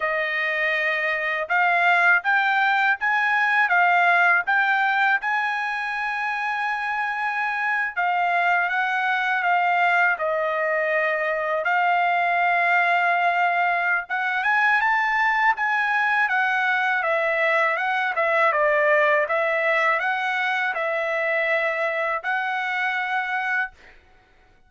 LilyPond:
\new Staff \with { instrumentName = "trumpet" } { \time 4/4 \tempo 4 = 81 dis''2 f''4 g''4 | gis''4 f''4 g''4 gis''4~ | gis''2~ gis''8. f''4 fis''16~ | fis''8. f''4 dis''2 f''16~ |
f''2. fis''8 gis''8 | a''4 gis''4 fis''4 e''4 | fis''8 e''8 d''4 e''4 fis''4 | e''2 fis''2 | }